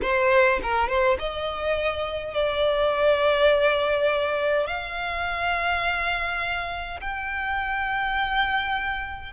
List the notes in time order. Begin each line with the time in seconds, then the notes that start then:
0.02 C5
0.62 A#4
0.88 C5
1.18 D#5
2.34 D5
4.67 F5
7.00 G5